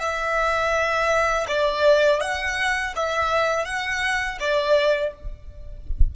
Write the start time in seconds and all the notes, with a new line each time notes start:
0.00 E5
1.48 D5
2.21 F#5
2.96 E5
3.66 F#5
4.40 D5